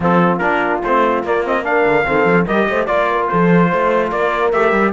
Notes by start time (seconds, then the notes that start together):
0.00 F3 C4 F4 A4
0.38 A#3 D4 A#4
0.83 A3 C4 C5
1.23 A#3 D5
1.44 C4 D#5
1.63 D4 A#4 F5
1.85 D3
2.05 D#3 C4 A4
2.25 F3
2.46 G3 G4 A#4 D#5
2.69 A3 C5
2.85 A#3 F4 D5
3.11 A#4
3.27 F3 A4 C5
3.69 A3 C5
4.11 A#3 A#4 D5
4.51 A3 G4 E5
4.72 G3